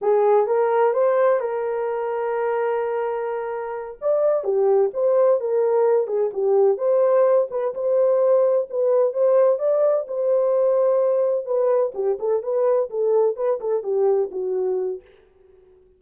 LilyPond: \new Staff \with { instrumentName = "horn" } { \time 4/4 \tempo 4 = 128 gis'4 ais'4 c''4 ais'4~ | ais'1~ | ais'8 d''4 g'4 c''4 ais'8~ | ais'4 gis'8 g'4 c''4. |
b'8 c''2 b'4 c''8~ | c''8 d''4 c''2~ c''8~ | c''8 b'4 g'8 a'8 b'4 a'8~ | a'8 b'8 a'8 g'4 fis'4. | }